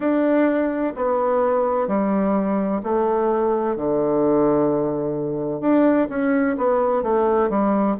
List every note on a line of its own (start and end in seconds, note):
0.00 0.93 D4
0.96 1.87 B3
1.87 2.81 G3
2.83 3.76 A3
3.76 5.60 D3
5.60 6.07 D4
6.09 6.56 C#4
6.57 7.03 B3
7.03 7.49 A3
7.49 7.96 G3